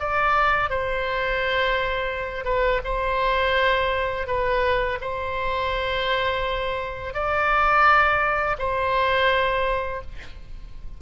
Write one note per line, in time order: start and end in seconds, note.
0.00 0.70 D5
0.70 2.45 C5
2.45 2.81 B4
2.84 4.27 C5
4.27 4.99 B4
5.01 7.14 C5
7.14 8.57 D5
8.59 10.02 C5